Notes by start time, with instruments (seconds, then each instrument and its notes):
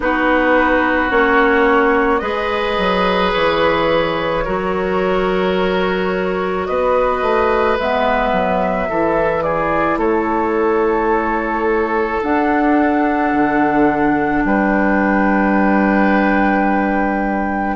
0.00 bassoon B3, clarinet D#4, oboe F#4, flute B4
1.10 bassoon A#3, clarinet C#4, flute C#5
2.19 bassoon G#3, clarinet G#4, oboe B4, flute D#5
2.78 bassoon F#3
3.32 bassoon E3, flute C#5
4.44 bassoon F#3, clarinet F#4, oboe A#4
6.66 bassoon B3, oboe B4, flute D#5
7.22 bassoon A3
7.78 bassoon G#3, clarinet B3, flute E5
8.32 bassoon F#3
8.89 bassoon E3, clarinet E4, oboe A4
9.42 oboe G#4, flute D5
9.97 bassoon A3, oboe A4, flute C#5
12.22 clarinet D4, bassoon D4, flute F#5
13.33 bassoon D3
14.44 bassoon G3, oboe B4, flute G5